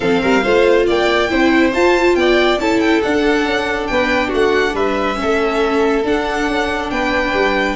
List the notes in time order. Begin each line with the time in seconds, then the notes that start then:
0.00 F3 C4 A4 F5
0.22 G3 A#4
0.43 A3 F4 C5
0.86 A#3 D5 G5
1.28 C4 E4 C5
1.72 F4 A5
2.15 B3 D5 G5
2.57 C#4 E4 A4 A5
2.79 G5
3.03 D4 F#5
3.45 C#4
3.87 B3 B4 G5
4.28 A3 F#4
4.34 F#5
4.74 G3 B4 E5
5.15 C#4
5.21 A3 A4
6.04 D4 F#5
6.47 C#4
6.90 B3 B4 G5
7.33 G3